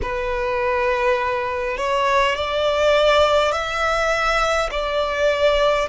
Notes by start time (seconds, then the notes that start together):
0.02 B4
1.77 C#5
2.35 D5
3.52 E5
4.71 D5